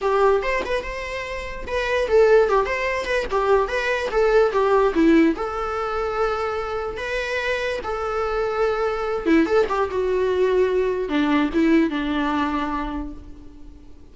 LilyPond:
\new Staff \with { instrumentName = "viola" } { \time 4/4 \tempo 4 = 146 g'4 c''8 b'8 c''2 | b'4 a'4 g'8 c''4 b'8 | g'4 b'4 a'4 g'4 | e'4 a'2.~ |
a'4 b'2 a'4~ | a'2~ a'8 e'8 a'8 g'8 | fis'2. d'4 | e'4 d'2. | }